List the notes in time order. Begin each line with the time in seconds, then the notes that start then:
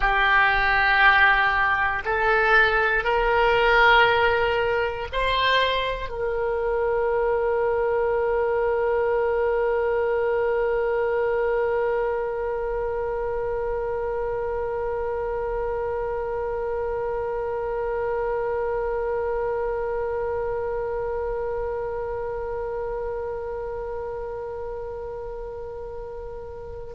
0.00 G4
2.05 A4
3.04 A#4
5.12 C5
6.09 A#4